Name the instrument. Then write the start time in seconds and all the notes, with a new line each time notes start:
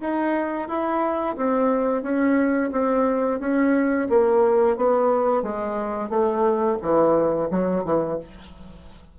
bassoon
0.00 D#4
0.68 E4
1.37 C4
2.03 C#4
2.72 C4
3.40 C#4
4.09 A#3
4.77 B3
5.43 G#3
6.09 A3
6.82 E3
7.51 F#3
7.84 E3